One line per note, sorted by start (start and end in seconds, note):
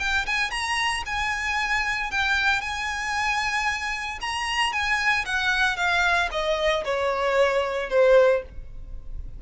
0.00 0.26 G5
0.27 0.51 G#5
0.51 1.04 A#5
1.06 2.11 G#5
2.11 2.61 G5
2.61 4.19 G#5
4.22 4.73 A#5
4.73 5.26 G#5
5.26 5.77 F#5
5.77 6.30 F5
6.32 6.85 D#5
6.85 7.90 C#5
7.90 8.43 C5